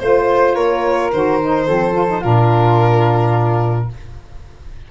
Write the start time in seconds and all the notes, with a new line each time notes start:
0.00 A3 F4 C5
0.55 A#3 A#4 C#5
1.12 D#3 F#4 C5
1.41 D#4
1.67 F3 C4 A4
1.93 F4
2.07 D#4
2.21 A#2 D4 F4 A#4